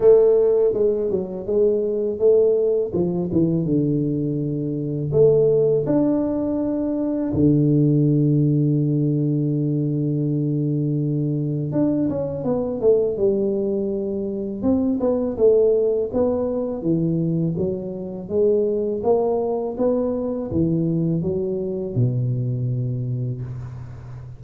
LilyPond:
\new Staff \with { instrumentName = "tuba" } { \time 4/4 \tempo 4 = 82 a4 gis8 fis8 gis4 a4 | f8 e8 d2 a4 | d'2 d2~ | d1 |
d'8 cis'8 b8 a8 g2 | c'8 b8 a4 b4 e4 | fis4 gis4 ais4 b4 | e4 fis4 b,2 | }